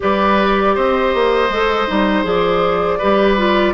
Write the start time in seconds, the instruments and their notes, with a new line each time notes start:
0.00 bassoon G3, clarinet G4, oboe B4, flute D5
0.74 bassoon C4, oboe C5, flute D#5
1.14 bassoon A#3
1.49 bassoon G#3, clarinet A4
1.87 bassoon G3, clarinet D#4
2.24 bassoon F3, clarinet G#4, flute D5
2.98 bassoon G3, clarinet G4, oboe B4
3.37 clarinet F4